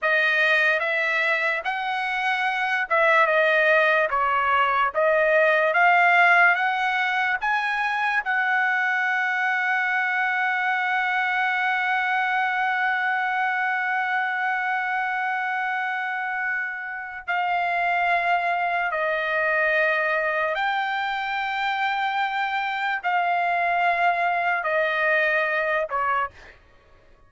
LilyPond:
\new Staff \with { instrumentName = "trumpet" } { \time 4/4 \tempo 4 = 73 dis''4 e''4 fis''4. e''8 | dis''4 cis''4 dis''4 f''4 | fis''4 gis''4 fis''2~ | fis''1~ |
fis''1~ | fis''4 f''2 dis''4~ | dis''4 g''2. | f''2 dis''4. cis''8 | }